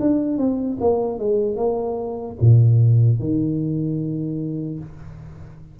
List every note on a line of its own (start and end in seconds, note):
0.00 0.37 D4
0.37 0.77 C4
0.80 1.19 A#3
1.19 1.57 G#3
1.57 2.37 A#3
2.41 3.20 A#2
3.20 4.80 D#3